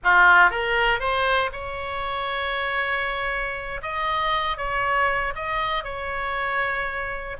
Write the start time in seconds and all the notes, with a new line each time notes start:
0.03 F4
0.50 A#4
0.99 C5
1.52 C#5
3.82 D#5
4.57 C#5
5.35 D#5
5.84 C#5